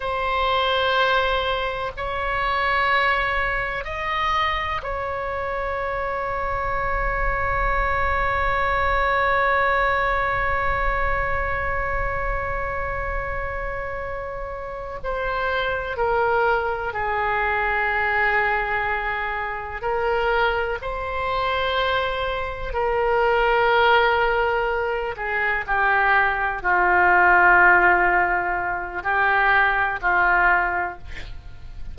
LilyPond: \new Staff \with { instrumentName = "oboe" } { \time 4/4 \tempo 4 = 62 c''2 cis''2 | dis''4 cis''2.~ | cis''1~ | cis''2.~ cis''8 c''8~ |
c''8 ais'4 gis'2~ gis'8~ | gis'8 ais'4 c''2 ais'8~ | ais'2 gis'8 g'4 f'8~ | f'2 g'4 f'4 | }